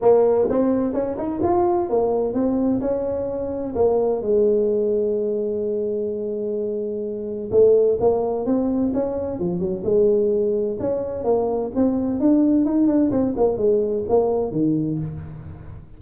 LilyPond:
\new Staff \with { instrumentName = "tuba" } { \time 4/4 \tempo 4 = 128 ais4 c'4 cis'8 dis'8 f'4 | ais4 c'4 cis'2 | ais4 gis2.~ | gis1 |
a4 ais4 c'4 cis'4 | f8 fis8 gis2 cis'4 | ais4 c'4 d'4 dis'8 d'8 | c'8 ais8 gis4 ais4 dis4 | }